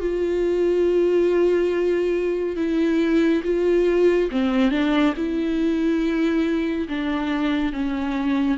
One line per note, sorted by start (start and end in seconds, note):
0.00 2.56 F4
2.56 3.42 E4
3.44 4.29 F4
4.31 4.71 C4
4.71 5.14 D4
5.16 6.88 E4
6.88 7.72 D4
7.72 8.57 C#4